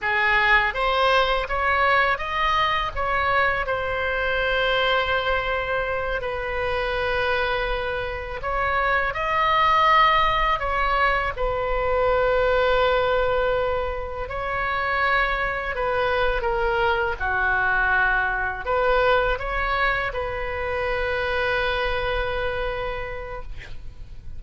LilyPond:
\new Staff \with { instrumentName = "oboe" } { \time 4/4 \tempo 4 = 82 gis'4 c''4 cis''4 dis''4 | cis''4 c''2.~ | c''8 b'2. cis''8~ | cis''8 dis''2 cis''4 b'8~ |
b'2.~ b'8 cis''8~ | cis''4. b'4 ais'4 fis'8~ | fis'4. b'4 cis''4 b'8~ | b'1 | }